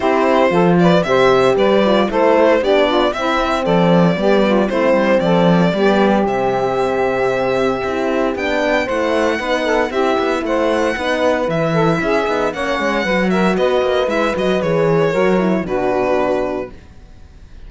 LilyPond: <<
  \new Staff \with { instrumentName = "violin" } { \time 4/4 \tempo 4 = 115 c''4. d''8 e''4 d''4 | c''4 d''4 e''4 d''4~ | d''4 c''4 d''2 | e''1 |
g''4 fis''2 e''4 | fis''2 e''2 | fis''4. e''8 dis''4 e''8 dis''8 | cis''2 b'2 | }
  \new Staff \with { instrumentName = "saxophone" } { \time 4/4 g'4 a'8 b'8 c''4 b'4 | a'4 g'8 f'8 e'4 a'4 | g'8 f'8 e'4 a'4 g'4~ | g'1~ |
g'4 c''4 b'8 a'8 g'4 | c''4 b'4. a'8 gis'4 | cis''4 b'8 ais'8 b'2~ | b'4 ais'4 fis'2 | }
  \new Staff \with { instrumentName = "horn" } { \time 4/4 e'4 f'4 g'4. f'8 | e'4 d'4 c'2 | b4 c'2 b4 | c'2. e'4 |
d'4 e'4 dis'4 e'4~ | e'4 dis'4 e'4. dis'8 | cis'4 fis'2 e'8 fis'8 | gis'4 fis'8 e'8 d'2 | }
  \new Staff \with { instrumentName = "cello" } { \time 4/4 c'4 f4 c4 g4 | a4 b4 c'4 f4 | g4 a8 g8 f4 g4 | c2. c'4 |
b4 a4 b4 c'8 b8 | a4 b4 e4 cis'8 b8 | ais8 gis8 fis4 b8 ais8 gis8 fis8 | e4 fis4 b,2 | }
>>